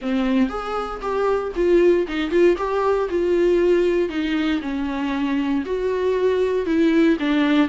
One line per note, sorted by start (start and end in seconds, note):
0.01 0.49 C4
0.49 1.00 G#4
1.01 1.52 G4
1.55 2.07 F4
2.07 2.30 D#4
2.30 2.56 F4
2.57 3.08 G4
3.09 4.09 F4
4.09 4.60 D#4
4.61 5.64 C#4
5.65 6.65 F#4
6.65 7.17 E4
7.19 7.68 D4